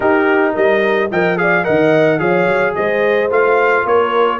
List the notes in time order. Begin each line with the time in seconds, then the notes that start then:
0.00 D#4 G4 A#4
0.53 G3 A#4 D#5
1.11 F3 A#4 D#5 G5
1.36 G#4 D5 F5
1.63 D#3 A#4 D#5 F#5
2.19 F3 G#4 C#5 F5
2.47 F#3
2.75 G#3 C5 D#5
3.29 A3 F4 F5
3.85 A#3 A#4 C#5